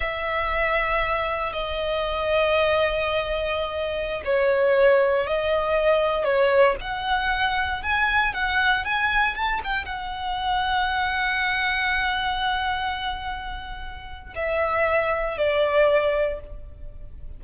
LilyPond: \new Staff \with { instrumentName = "violin" } { \time 4/4 \tempo 4 = 117 e''2. dis''4~ | dis''1~ | dis''16 cis''2 dis''4.~ dis''16~ | dis''16 cis''4 fis''2 gis''8.~ |
gis''16 fis''4 gis''4 a''8 g''8 fis''8.~ | fis''1~ | fis''1 | e''2 d''2 | }